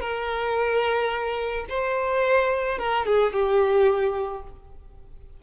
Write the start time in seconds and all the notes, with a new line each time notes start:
0.00 A#4
1.69 C5
2.78 A#4
3.05 G#4
3.32 G4